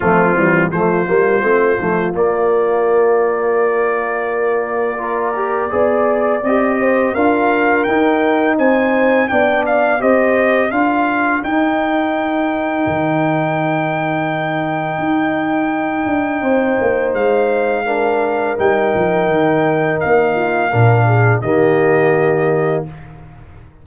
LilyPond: <<
  \new Staff \with { instrumentName = "trumpet" } { \time 4/4 \tempo 4 = 84 f'4 c''2 d''4~ | d''1~ | d''4 dis''4 f''4 g''4 | gis''4 g''8 f''8 dis''4 f''4 |
g''1~ | g''1 | f''2 g''2 | f''2 dis''2 | }
  \new Staff \with { instrumentName = "horn" } { \time 4/4 c'4 f'2.~ | f'2. ais'4 | d''4. c''8 ais'2 | c''4 d''4 c''4 ais'4~ |
ais'1~ | ais'2. c''4~ | c''4 ais'2.~ | ais'8 f'8 ais'8 gis'8 g'2 | }
  \new Staff \with { instrumentName = "trombone" } { \time 4/4 a8 g8 a8 ais8 c'8 a8 ais4~ | ais2. f'8 g'8 | gis'4 g'4 f'4 dis'4~ | dis'4 d'4 g'4 f'4 |
dis'1~ | dis'1~ | dis'4 d'4 dis'2~ | dis'4 d'4 ais2 | }
  \new Staff \with { instrumentName = "tuba" } { \time 4/4 f8 e8 f8 g8 a8 f8 ais4~ | ais1 | b4 c'4 d'4 dis'4 | c'4 b4 c'4 d'4 |
dis'2 dis2~ | dis4 dis'4. d'8 c'8 ais8 | gis2 g8 f8 dis4 | ais4 ais,4 dis2 | }
>>